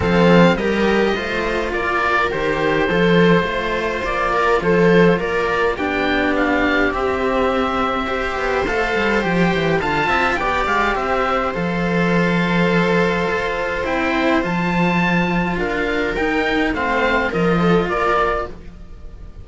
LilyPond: <<
  \new Staff \with { instrumentName = "oboe" } { \time 4/4 \tempo 4 = 104 f''4 dis''2 d''4 | c''2. d''4 | c''4 d''4 g''4 f''4 | e''2. f''4 |
g''4 a''4 g''8 f''8 e''4 | f''1 | g''4 a''2 f''4 | g''4 f''4 dis''4 d''4 | }
  \new Staff \with { instrumentName = "viola" } { \time 4/4 a'4 ais'4 c''4 ais'4~ | ais'4 a'4 c''4. ais'8 | a'4 ais'4 g'2~ | g'2 c''2~ |
c''4 f''8 e''8 d''4 c''4~ | c''1~ | c''2. ais'4~ | ais'4 c''4 ais'8 a'8 ais'4 | }
  \new Staff \with { instrumentName = "cello" } { \time 4/4 c'4 g'4 f'2 | g'4 f'2.~ | f'2 d'2 | c'2 g'4 a'4 |
g'4 f'4 g'2 | a'1 | e'4 f'2. | dis'4 c'4 f'2 | }
  \new Staff \with { instrumentName = "cello" } { \time 4/4 f4 g4 a4 ais4 | dis4 f4 a4 ais4 | f4 ais4 b2 | c'2~ c'8 b8 a8 g8 |
f8 e8 d8 c'8 b8 gis8 c'4 | f2. f'4 | c'4 f2 d'4 | dis'4 a4 f4 ais4 | }
>>